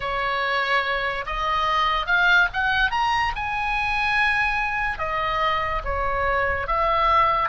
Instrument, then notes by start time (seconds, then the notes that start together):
oboe
0.00 C#5
1.25 D#5
2.06 F5
2.53 F#5
2.90 A#5
3.35 G#5
4.98 D#5
5.84 C#5
6.67 E5